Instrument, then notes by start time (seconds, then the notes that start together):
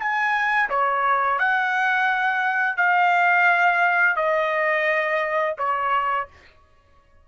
trumpet
0.00 G#5
0.70 C#5
1.39 F#5
2.77 F5
4.16 D#5
5.58 C#5